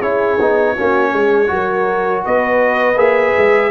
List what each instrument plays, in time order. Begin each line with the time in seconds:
0.00 tuba C#4, trombone E4, horn G#4, trumpet C#5
0.39 tuba B3, trombone D#4
0.74 tuba A#3, trombone C#4, horn F#4
1.13 tuba G#3, horn G#4
1.47 tuba F#3, trombone F#4, horn A#4
2.25 tuba B3, horn B4, trumpet D#5
2.96 tuba A#3, trombone G#4, trumpet E5
3.37 tuba G#3